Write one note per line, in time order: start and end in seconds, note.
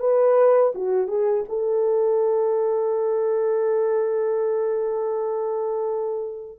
0.00 0.73 B4
0.75 1.08 F#4
1.08 1.44 G#4
1.49 6.60 A4